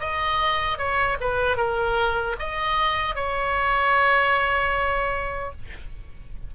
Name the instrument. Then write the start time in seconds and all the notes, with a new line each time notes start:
oboe
0.00 D#5
0.78 C#5
1.21 B4
1.57 A#4
2.39 D#5
3.15 C#5